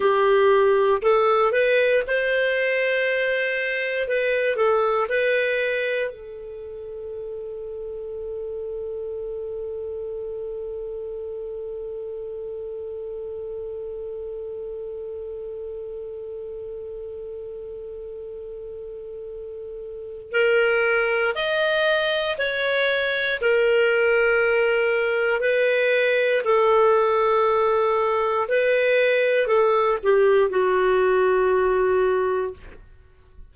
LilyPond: \new Staff \with { instrumentName = "clarinet" } { \time 4/4 \tempo 4 = 59 g'4 a'8 b'8 c''2 | b'8 a'8 b'4 a'2~ | a'1~ | a'1~ |
a'1 | ais'4 dis''4 cis''4 ais'4~ | ais'4 b'4 a'2 | b'4 a'8 g'8 fis'2 | }